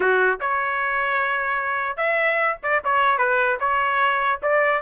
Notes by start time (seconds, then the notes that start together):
0.00 F#4
0.40 C#5
1.96 E5
2.62 D5
2.84 C#5
3.17 B4
3.59 C#5
4.42 D5